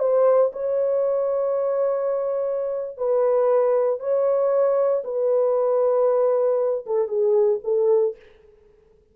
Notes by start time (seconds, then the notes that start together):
0.00 C5
0.53 C#5
2.98 B4
4.00 C#5
5.05 B4
6.87 A4
7.08 G#4
7.64 A4